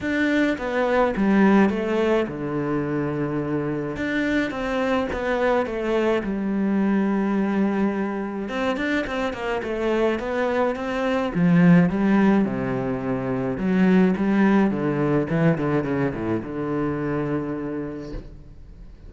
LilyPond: \new Staff \with { instrumentName = "cello" } { \time 4/4 \tempo 4 = 106 d'4 b4 g4 a4 | d2. d'4 | c'4 b4 a4 g4~ | g2. c'8 d'8 |
c'8 ais8 a4 b4 c'4 | f4 g4 c2 | fis4 g4 d4 e8 d8 | cis8 a,8 d2. | }